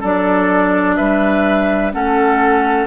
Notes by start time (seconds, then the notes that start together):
0.00 F#3 D4 A4 D5
0.97 G3 B4 E5
1.92 A3 C#4 A4 F#5